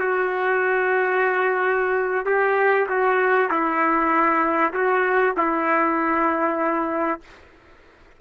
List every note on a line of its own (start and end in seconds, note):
0.00 2.26 F#4
2.26 2.87 G4
2.89 3.51 F#4
3.51 4.74 E4
4.74 5.35 F#4
5.38 7.21 E4